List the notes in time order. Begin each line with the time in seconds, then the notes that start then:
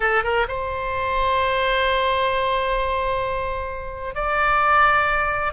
0.00 A4
0.23 A#4
0.48 C5
4.14 D5